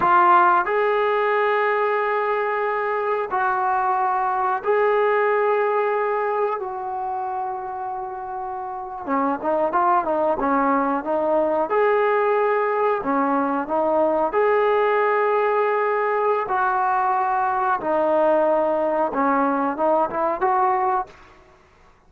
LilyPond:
\new Staff \with { instrumentName = "trombone" } { \time 4/4 \tempo 4 = 91 f'4 gis'2.~ | gis'4 fis'2 gis'4~ | gis'2 fis'2~ | fis'4.~ fis'16 cis'8 dis'8 f'8 dis'8 cis'16~ |
cis'8. dis'4 gis'2 cis'16~ | cis'8. dis'4 gis'2~ gis'16~ | gis'4 fis'2 dis'4~ | dis'4 cis'4 dis'8 e'8 fis'4 | }